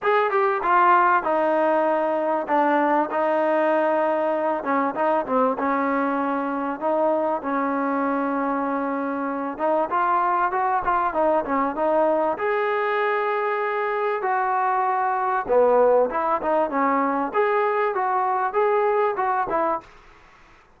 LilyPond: \new Staff \with { instrumentName = "trombone" } { \time 4/4 \tempo 4 = 97 gis'8 g'8 f'4 dis'2 | d'4 dis'2~ dis'8 cis'8 | dis'8 c'8 cis'2 dis'4 | cis'2.~ cis'8 dis'8 |
f'4 fis'8 f'8 dis'8 cis'8 dis'4 | gis'2. fis'4~ | fis'4 b4 e'8 dis'8 cis'4 | gis'4 fis'4 gis'4 fis'8 e'8 | }